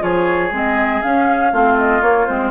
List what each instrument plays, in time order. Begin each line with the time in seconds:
0.00 bassoon F3, clarinet F4, oboe G#4, flute C#5
0.52 bassoon G#3, clarinet C4, flute D#5
1.02 clarinet C#4, bassoon C#4, flute F5
1.53 bassoon A3, clarinet C4, oboe F4
1.79 flute D#5
2.02 bassoon A#3, clarinet A#3, flute C#5
2.27 bassoon G#3, clarinet C4, flute C5